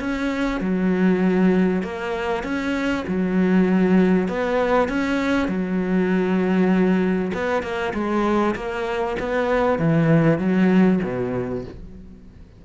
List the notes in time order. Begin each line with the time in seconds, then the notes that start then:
0.00 C#4
0.61 F#3
1.83 A#3
2.44 C#4
3.08 F#3
4.28 B3
4.89 C#4
5.49 F#3
7.34 B3
7.63 A#3
7.94 G#3
8.55 A#3
9.20 B3
9.79 E3
10.39 F#3
11.03 B2